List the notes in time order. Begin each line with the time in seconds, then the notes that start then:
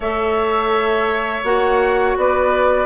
0.00 A3 A4 C#5 E5
1.43 A#3 F#4 F#5
2.16 B3 B4 D5